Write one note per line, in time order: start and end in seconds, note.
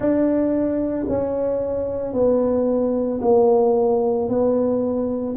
0.00 1.06 D4
1.08 2.13 C#4
2.13 3.20 B3
3.21 4.29 A#3
4.29 5.36 B3